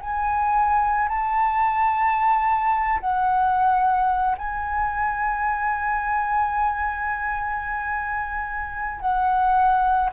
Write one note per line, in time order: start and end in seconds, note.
0.00 1.09 G#5
1.09 3.00 A5
3.00 4.36 F#5
4.38 9.00 G#5
9.00 10.10 F#5